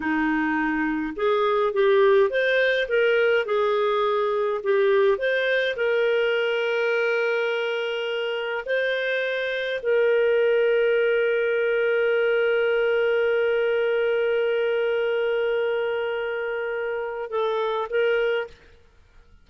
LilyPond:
\new Staff \with { instrumentName = "clarinet" } { \time 4/4 \tempo 4 = 104 dis'2 gis'4 g'4 | c''4 ais'4 gis'2 | g'4 c''4 ais'2~ | ais'2. c''4~ |
c''4 ais'2.~ | ais'1~ | ais'1~ | ais'2 a'4 ais'4 | }